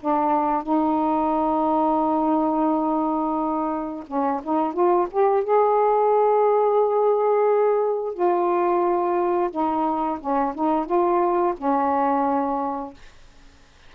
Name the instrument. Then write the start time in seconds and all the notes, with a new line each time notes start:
saxophone
0.00 D4
0.63 D#4
4.07 C#4
4.43 D#4
4.73 F4
5.11 G4
5.44 G#4
8.14 F4
9.51 D#4
10.20 C#4
10.54 D#4
10.86 F4
11.57 C#4